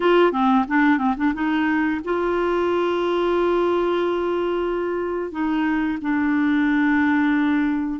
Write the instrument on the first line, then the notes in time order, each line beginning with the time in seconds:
clarinet
0.00 F4
0.32 C4
0.68 D4
0.98 C4
1.17 D4
1.34 D#4
2.04 F4
5.31 D#4
6.01 D4